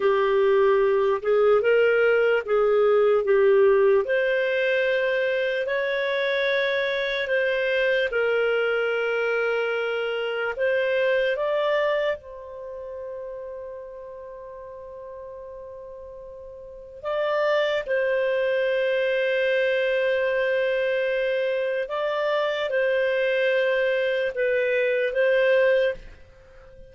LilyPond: \new Staff \with { instrumentName = "clarinet" } { \time 4/4 \tempo 4 = 74 g'4. gis'8 ais'4 gis'4 | g'4 c''2 cis''4~ | cis''4 c''4 ais'2~ | ais'4 c''4 d''4 c''4~ |
c''1~ | c''4 d''4 c''2~ | c''2. d''4 | c''2 b'4 c''4 | }